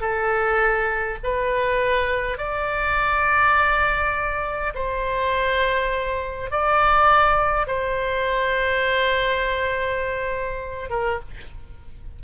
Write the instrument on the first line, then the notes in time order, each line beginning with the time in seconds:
oboe
0.00 A4
1.23 B4
2.37 D5
4.74 C5
6.50 D5
7.67 C5
10.90 A#4